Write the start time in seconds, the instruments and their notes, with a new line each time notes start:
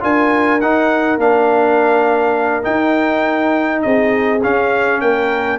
0.00 tuba D4, trombone F4, horn A#4, trumpet G#5
0.60 tuba D#4, trombone D#4, trumpet F#5
1.17 tuba A#3, trombone D4, trumpet F5
2.62 trombone D#4, tuba D#4, trumpet G5
3.81 tuba C4, horn G#4, trumpet D#5
4.43 trombone C#4, tuba C#4, trumpet F5
5.00 tuba A#3, horn A#4, trumpet G5